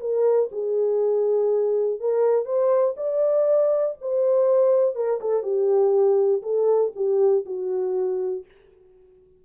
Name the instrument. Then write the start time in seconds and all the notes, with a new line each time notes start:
horn
0.00 A#4
0.52 G#4
2.00 A#4
2.45 C5
2.97 D5
4.01 C5
4.95 A#4
5.21 A4
5.43 G4
6.43 A4
6.96 G4
7.45 F#4